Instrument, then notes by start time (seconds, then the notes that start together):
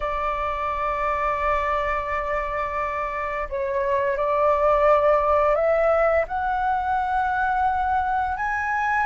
flute
0.00 D5
3.49 C#5
4.17 D5
5.55 E5
6.27 F#5
8.36 G#5